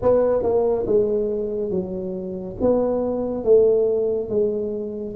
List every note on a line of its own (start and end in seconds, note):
0.02 0.42 B3
0.42 0.85 A#3
0.86 1.70 G#3
1.70 2.56 F#3
2.61 3.44 B3
3.44 4.29 A3
4.29 5.14 G#3